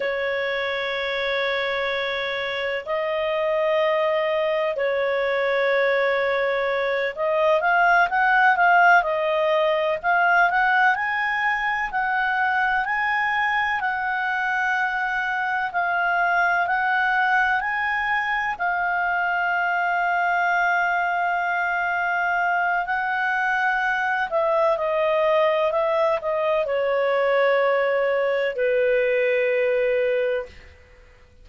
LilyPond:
\new Staff \with { instrumentName = "clarinet" } { \time 4/4 \tempo 4 = 63 cis''2. dis''4~ | dis''4 cis''2~ cis''8 dis''8 | f''8 fis''8 f''8 dis''4 f''8 fis''8 gis''8~ | gis''8 fis''4 gis''4 fis''4.~ |
fis''8 f''4 fis''4 gis''4 f''8~ | f''1 | fis''4. e''8 dis''4 e''8 dis''8 | cis''2 b'2 | }